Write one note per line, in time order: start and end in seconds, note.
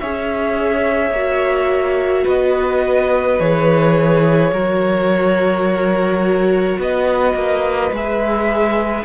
0.00 1.10 C#4
0.00 1.15 G#4
0.00 2.24 C#5
0.00 2.26 E5
1.10 2.24 A#3
1.10 3.40 F#4
2.24 3.40 B3
2.24 4.50 B4
2.24 3.40 D#5
3.40 4.52 E3
3.40 4.53 G#4
3.40 6.80 C#5
4.52 6.78 F#3
4.52 7.93 F#4
4.52 6.80 A#4
6.79 7.34 B3
6.79 9.05 B4
6.79 7.95 D#5
7.34 7.91 A#3
7.92 9.05 G#3
7.92 9.05 G#4
7.92 9.05 E5